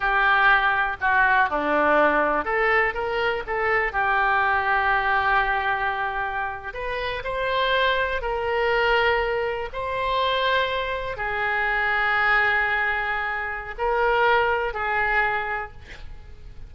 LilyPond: \new Staff \with { instrumentName = "oboe" } { \time 4/4 \tempo 4 = 122 g'2 fis'4 d'4~ | d'4 a'4 ais'4 a'4 | g'1~ | g'4.~ g'16 b'4 c''4~ c''16~ |
c''8. ais'2. c''16~ | c''2~ c''8. gis'4~ gis'16~ | gis'1 | ais'2 gis'2 | }